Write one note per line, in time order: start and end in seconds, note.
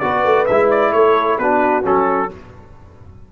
0.00 0.25 B3
0.00 0.48 F#4
0.00 0.94 B4
0.00 0.46 D5
0.25 0.48 A3
0.46 0.92 G#3
0.46 1.42 E4
0.46 0.69 E5
0.71 0.93 D5
0.92 1.38 A3
0.92 1.41 A4
0.92 1.39 C#5
1.39 1.85 B3
1.39 1.83 D4
1.39 2.32 F#4
1.39 1.85 B4
1.83 2.31 F#3
1.83 2.29 C#4
1.83 2.33 A4